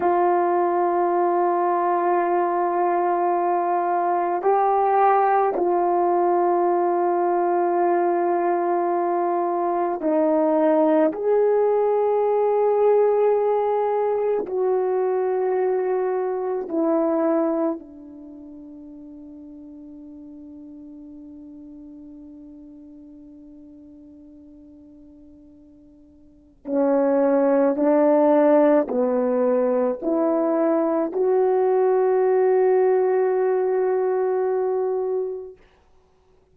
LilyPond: \new Staff \with { instrumentName = "horn" } { \time 4/4 \tempo 4 = 54 f'1 | g'4 f'2.~ | f'4 dis'4 gis'2~ | gis'4 fis'2 e'4 |
d'1~ | d'1 | cis'4 d'4 b4 e'4 | fis'1 | }